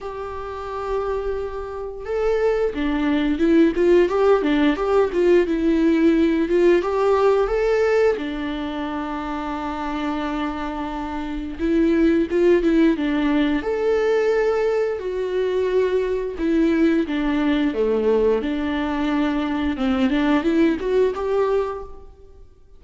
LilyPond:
\new Staff \with { instrumentName = "viola" } { \time 4/4 \tempo 4 = 88 g'2. a'4 | d'4 e'8 f'8 g'8 d'8 g'8 f'8 | e'4. f'8 g'4 a'4 | d'1~ |
d'4 e'4 f'8 e'8 d'4 | a'2 fis'2 | e'4 d'4 a4 d'4~ | d'4 c'8 d'8 e'8 fis'8 g'4 | }